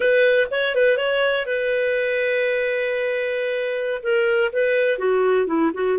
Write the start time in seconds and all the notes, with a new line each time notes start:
0.00 B4
0.51 C#5
0.75 B4
0.97 C#5
1.45 B4
4.02 A#4
4.52 B4
4.98 F#4
5.47 E4
5.73 F#4